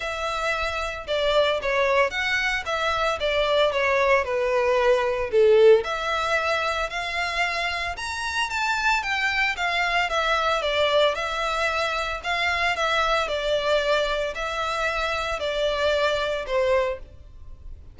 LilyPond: \new Staff \with { instrumentName = "violin" } { \time 4/4 \tempo 4 = 113 e''2 d''4 cis''4 | fis''4 e''4 d''4 cis''4 | b'2 a'4 e''4~ | e''4 f''2 ais''4 |
a''4 g''4 f''4 e''4 | d''4 e''2 f''4 | e''4 d''2 e''4~ | e''4 d''2 c''4 | }